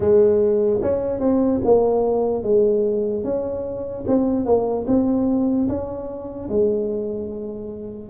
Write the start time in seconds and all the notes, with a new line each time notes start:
0.00 G#3
0.81 C#4
1.20 C4
1.64 A#3
2.43 G#3
3.24 C#4
4.07 C4
4.45 A#3
4.87 C4
5.68 C#4
6.49 G#3